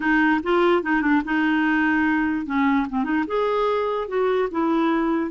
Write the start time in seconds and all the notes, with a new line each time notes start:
0.00 D#4
0.43 F4
0.82 D#4
1.01 D4
1.24 D#4
2.45 C#4
2.89 C4
3.04 D#4
3.27 G#4
4.08 F#4
4.51 E4